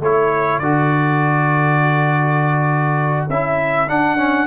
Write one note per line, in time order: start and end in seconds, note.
0.00 0.59 A3
0.00 0.62 E4
0.00 4.46 A4
0.00 0.59 C#5
0.59 3.27 D3
0.59 3.29 F#4
0.59 3.26 D5
3.29 3.89 C#4
3.29 3.87 E4
3.29 3.89 E5
3.87 4.17 D4
3.87 4.46 D4
3.87 4.46 F#5
4.17 4.46 C#4